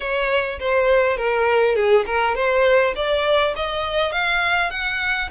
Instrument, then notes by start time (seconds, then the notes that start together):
violin
0.00 C#5
0.59 C5
1.17 A#4
1.75 G#4
2.06 A#4
2.35 C5
2.95 D5
3.56 D#5
4.11 F5
4.70 F#5